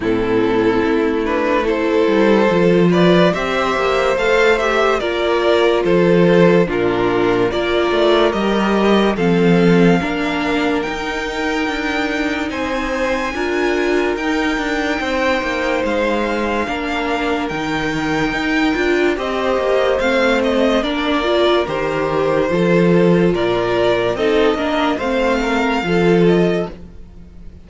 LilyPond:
<<
  \new Staff \with { instrumentName = "violin" } { \time 4/4 \tempo 4 = 72 a'4. b'8 c''4. d''8 | e''4 f''8 e''8 d''4 c''4 | ais'4 d''4 dis''4 f''4~ | f''4 g''2 gis''4~ |
gis''4 g''2 f''4~ | f''4 g''2 dis''4 | f''8 dis''8 d''4 c''2 | d''4 dis''4 f''4. dis''8 | }
  \new Staff \with { instrumentName = "violin" } { \time 4/4 e'2 a'4. b'8 | c''2 ais'4 a'4 | f'4 ais'2 a'4 | ais'2. c''4 |
ais'2 c''2 | ais'2. c''4~ | c''4 ais'2 a'4 | ais'4 a'8 ais'8 c''8 ais'8 a'4 | }
  \new Staff \with { instrumentName = "viola" } { \time 4/4 c'4. d'8 e'4 f'4 | g'4 a'8 g'8 f'2 | d'4 f'4 g'4 c'4 | d'4 dis'2. |
f'4 dis'2. | d'4 dis'4. f'8 g'4 | c'4 d'8 f'8 g'4 f'4~ | f'4 dis'8 d'8 c'4 f'4 | }
  \new Staff \with { instrumentName = "cello" } { \time 4/4 a,4 a4. g8 f4 | c'8 ais8 a4 ais4 f4 | ais,4 ais8 a8 g4 f4 | ais4 dis'4 d'4 c'4 |
d'4 dis'8 d'8 c'8 ais8 gis4 | ais4 dis4 dis'8 d'8 c'8 ais8 | a4 ais4 dis4 f4 | ais,4 c'8 ais8 a4 f4 | }
>>